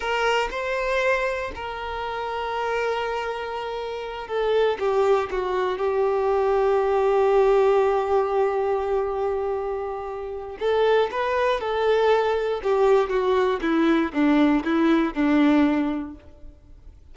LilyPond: \new Staff \with { instrumentName = "violin" } { \time 4/4 \tempo 4 = 119 ais'4 c''2 ais'4~ | ais'1~ | ais'8 a'4 g'4 fis'4 g'8~ | g'1~ |
g'1~ | g'4 a'4 b'4 a'4~ | a'4 g'4 fis'4 e'4 | d'4 e'4 d'2 | }